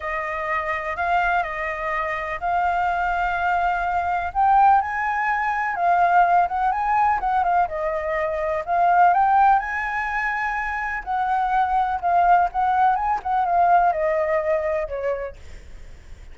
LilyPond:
\new Staff \with { instrumentName = "flute" } { \time 4/4 \tempo 4 = 125 dis''2 f''4 dis''4~ | dis''4 f''2.~ | f''4 g''4 gis''2 | f''4. fis''8 gis''4 fis''8 f''8 |
dis''2 f''4 g''4 | gis''2. fis''4~ | fis''4 f''4 fis''4 gis''8 fis''8 | f''4 dis''2 cis''4 | }